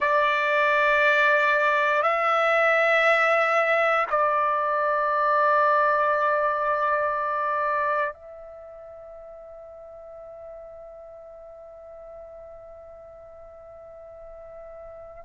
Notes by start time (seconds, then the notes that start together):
0.00 D5
2.02 E5
4.10 D5
8.13 E5